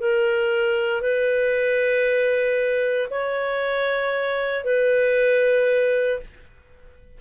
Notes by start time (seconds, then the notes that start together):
0.00 A#4
1.02 B4
3.10 C#5
4.65 B4